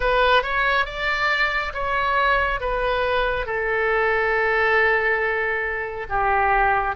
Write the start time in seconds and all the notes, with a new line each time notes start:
0.00 B4
0.42 C#5
0.85 D5
1.73 C#5
2.60 B4
3.45 A4
6.09 G4